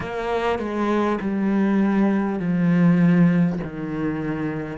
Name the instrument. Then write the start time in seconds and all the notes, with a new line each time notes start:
cello
0.00 A#3
0.58 G#3
1.21 G3
2.39 F3
3.63 D#3